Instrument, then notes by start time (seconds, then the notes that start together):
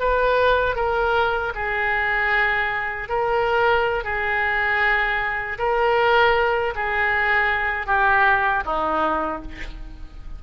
oboe
0.00 B4
0.76 A#4
1.55 G#4
3.09 A#4
4.05 G#4
5.59 A#4
6.76 G#4
7.87 G4
8.65 D#4